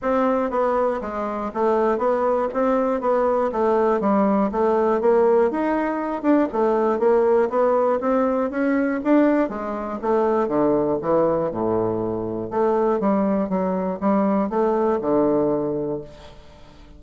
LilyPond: \new Staff \with { instrumentName = "bassoon" } { \time 4/4 \tempo 4 = 120 c'4 b4 gis4 a4 | b4 c'4 b4 a4 | g4 a4 ais4 dis'4~ | dis'8 d'8 a4 ais4 b4 |
c'4 cis'4 d'4 gis4 | a4 d4 e4 a,4~ | a,4 a4 g4 fis4 | g4 a4 d2 | }